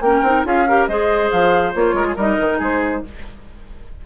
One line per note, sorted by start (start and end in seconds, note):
0.00 0.21 A#3
0.00 0.25 C#4
0.00 0.46 A#4
0.00 0.44 G5
0.22 0.44 C4
0.22 0.44 D#4
0.44 0.87 C#4
0.44 0.66 F4
0.44 0.68 G#4
0.44 0.87 F5
0.68 0.89 G4
0.68 0.88 A#4
0.87 1.31 G#3
0.87 1.73 G#4
0.87 1.96 C5
0.87 1.30 D#5
1.31 1.74 F3
1.31 1.74 F5
1.73 1.93 A#3
1.73 2.16 F4
1.73 2.17 C#5
1.93 2.15 G#3
1.93 2.06 A#4
2.07 2.15 G#4
2.15 2.37 G3
2.15 3.05 D#4
2.15 2.58 A#4
2.15 2.61 D#5
2.40 2.59 D#3
2.58 3.02 G#3
2.58 3.01 G#4
2.58 3.05 C5